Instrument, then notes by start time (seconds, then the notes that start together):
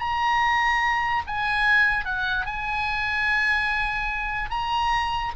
oboe
0.00 A#5
1.27 G#5
2.05 F#5
2.46 G#5
4.51 A#5